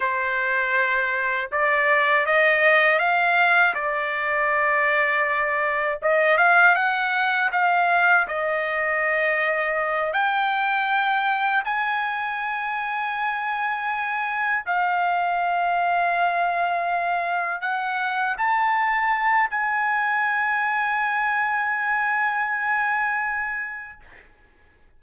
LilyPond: \new Staff \with { instrumentName = "trumpet" } { \time 4/4 \tempo 4 = 80 c''2 d''4 dis''4 | f''4 d''2. | dis''8 f''8 fis''4 f''4 dis''4~ | dis''4. g''2 gis''8~ |
gis''2.~ gis''8 f''8~ | f''2.~ f''8 fis''8~ | fis''8 a''4. gis''2~ | gis''1 | }